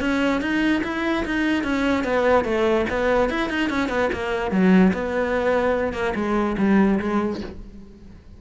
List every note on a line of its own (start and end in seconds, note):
0.00 0.41 C#4
0.41 0.82 D#4
0.83 1.25 E4
1.25 1.63 D#4
1.63 2.04 C#4
2.04 2.44 B3
2.44 2.85 A3
2.90 3.30 B3
3.30 3.49 E4
3.49 3.69 D#4
3.69 3.89 C#4
3.89 4.09 B3
4.13 4.51 A#3
4.51 4.92 F#3
4.93 5.93 B3
5.93 6.14 A#3
6.15 6.56 G#3
6.58 6.99 G3
6.99 7.40 G#3